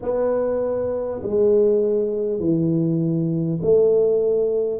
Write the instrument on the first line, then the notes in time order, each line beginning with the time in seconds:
tuba
0.02 B3
1.22 G#3
2.39 E3
3.62 A3